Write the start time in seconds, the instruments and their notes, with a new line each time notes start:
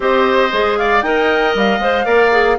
0.00 bassoon C4, clarinet G4, oboe C5, flute D#5
0.52 bassoon G#3, clarinet G#4
0.77 oboe D5, flute F5
1.02 bassoon D#4, clarinet A#4, oboe D#5, flute G5
1.54 bassoon G3, flute F5
1.79 bassoon G#3, clarinet C5
2.05 bassoon A#3, clarinet A#4, oboe D5
2.31 clarinet G#4